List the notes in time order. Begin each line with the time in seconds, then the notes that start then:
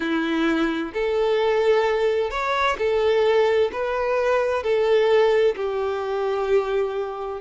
0.00 E4
0.93 A4
2.30 C#5
2.78 A4
3.72 B4
4.63 A4
5.56 G4